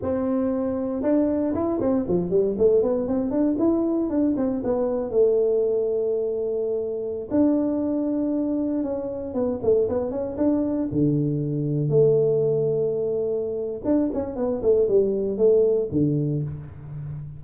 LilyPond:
\new Staff \with { instrumentName = "tuba" } { \time 4/4 \tempo 4 = 117 c'2 d'4 e'8 c'8 | f8 g8 a8 b8 c'8 d'8 e'4 | d'8 c'8 b4 a2~ | a2~ a16 d'4.~ d'16~ |
d'4~ d'16 cis'4 b8 a8 b8 cis'16~ | cis'16 d'4 d2 a8.~ | a2. d'8 cis'8 | b8 a8 g4 a4 d4 | }